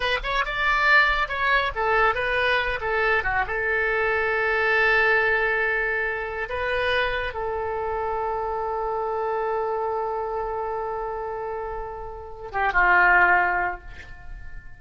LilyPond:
\new Staff \with { instrumentName = "oboe" } { \time 4/4 \tempo 4 = 139 b'8 cis''8 d''2 cis''4 | a'4 b'4. a'4 fis'8 | a'1~ | a'2. b'4~ |
b'4 a'2.~ | a'1~ | a'1~ | a'4 g'8 f'2~ f'8 | }